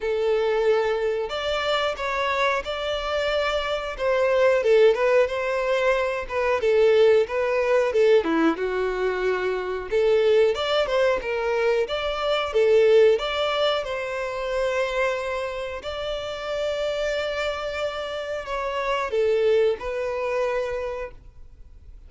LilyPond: \new Staff \with { instrumentName = "violin" } { \time 4/4 \tempo 4 = 91 a'2 d''4 cis''4 | d''2 c''4 a'8 b'8 | c''4. b'8 a'4 b'4 | a'8 e'8 fis'2 a'4 |
d''8 c''8 ais'4 d''4 a'4 | d''4 c''2. | d''1 | cis''4 a'4 b'2 | }